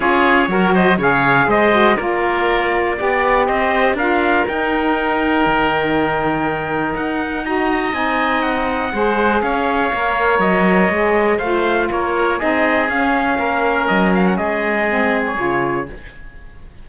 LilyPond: <<
  \new Staff \with { instrumentName = "trumpet" } { \time 4/4 \tempo 4 = 121 cis''4. dis''8 f''4 dis''4 | d''2. dis''4 | f''4 g''2.~ | g''2 fis''4 ais''4 |
gis''4 fis''2 f''4~ | f''4 dis''2 f''4 | cis''4 dis''4 f''2 | dis''8 f''16 fis''16 dis''4.~ dis''16 cis''4~ cis''16 | }
  \new Staff \with { instrumentName = "oboe" } { \time 4/4 gis'4 ais'8 c''8 cis''4 c''4 | ais'2 d''4 c''4 | ais'1~ | ais'2. dis''4~ |
dis''2 c''4 cis''4~ | cis''2. c''4 | ais'4 gis'2 ais'4~ | ais'4 gis'2. | }
  \new Staff \with { instrumentName = "saxophone" } { \time 4/4 f'4 fis'4 gis'4. fis'8 | f'2 g'2 | f'4 dis'2.~ | dis'2. fis'4 |
dis'2 gis'2 | ais'2 gis'4 f'4~ | f'4 dis'4 cis'2~ | cis'2 c'4 f'4 | }
  \new Staff \with { instrumentName = "cello" } { \time 4/4 cis'4 fis4 cis4 gis4 | ais2 b4 c'4 | d'4 dis'2 dis4~ | dis2 dis'2 |
c'2 gis4 cis'4 | ais4 fis4 gis4 a4 | ais4 c'4 cis'4 ais4 | fis4 gis2 cis4 | }
>>